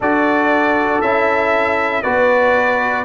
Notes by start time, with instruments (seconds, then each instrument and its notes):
0.00 tuba D4, trombone F#4, horn A4, trumpet D5
1.01 tuba C#4, trombone E4, trumpet E5
2.02 tuba B3, trombone F#4, horn B4, trumpet D5